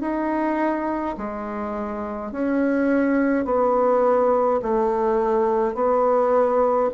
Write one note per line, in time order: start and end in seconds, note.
0.00 1.15 D#4
1.17 2.32 G#3
2.32 3.45 C#4
3.45 4.60 B3
4.62 5.74 A3
5.74 6.90 B3